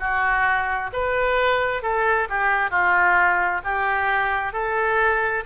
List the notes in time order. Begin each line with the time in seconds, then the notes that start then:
0.00 F#4
0.93 B4
1.83 A4
2.30 G4
2.71 F4
3.64 G4
4.53 A4